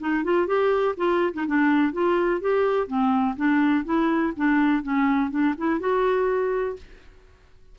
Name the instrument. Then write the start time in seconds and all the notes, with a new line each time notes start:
clarinet
0.00 D#4
0.24 F4
0.47 G4
0.97 F4
1.34 D#4
1.47 D4
1.93 F4
2.41 G4
2.87 C4
3.36 D4
3.84 E4
4.36 D4
4.82 C#4
5.30 D4
5.58 E4
5.80 F#4